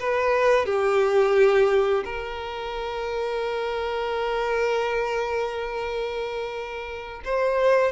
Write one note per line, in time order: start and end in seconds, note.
0.00 0.66 B4
0.66 2.04 G4
2.05 7.22 A#4
7.25 7.92 C5